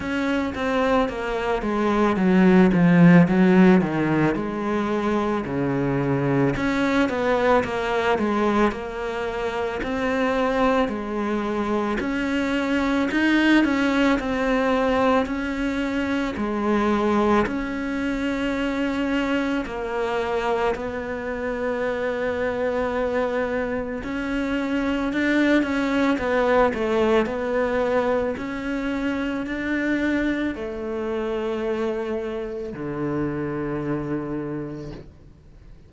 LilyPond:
\new Staff \with { instrumentName = "cello" } { \time 4/4 \tempo 4 = 55 cis'8 c'8 ais8 gis8 fis8 f8 fis8 dis8 | gis4 cis4 cis'8 b8 ais8 gis8 | ais4 c'4 gis4 cis'4 | dis'8 cis'8 c'4 cis'4 gis4 |
cis'2 ais4 b4~ | b2 cis'4 d'8 cis'8 | b8 a8 b4 cis'4 d'4 | a2 d2 | }